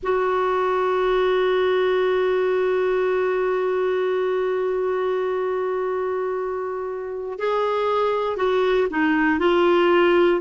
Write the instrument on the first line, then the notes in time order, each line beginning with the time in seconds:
clarinet
0.02 F#4
7.38 G#4
8.36 F#4
8.90 D#4
9.39 F4